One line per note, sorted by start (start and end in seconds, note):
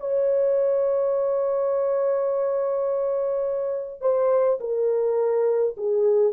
0.00 4.01 C#5
4.01 4.59 C5
4.60 5.76 A#4
5.77 6.33 G#4